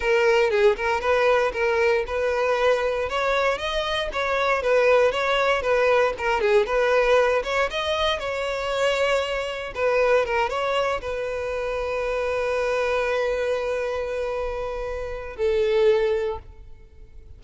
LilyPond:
\new Staff \with { instrumentName = "violin" } { \time 4/4 \tempo 4 = 117 ais'4 gis'8 ais'8 b'4 ais'4 | b'2 cis''4 dis''4 | cis''4 b'4 cis''4 b'4 | ais'8 gis'8 b'4. cis''8 dis''4 |
cis''2. b'4 | ais'8 cis''4 b'2~ b'8~ | b'1~ | b'2 a'2 | }